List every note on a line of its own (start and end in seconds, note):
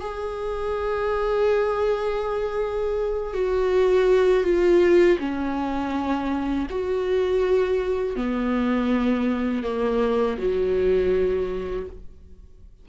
0.00 3.33 G#4
3.33 4.43 F#4
4.43 5.18 F4
5.19 6.67 C#4
6.70 8.16 F#4
8.16 9.63 B3
9.63 10.37 A#3
10.38 11.86 F#3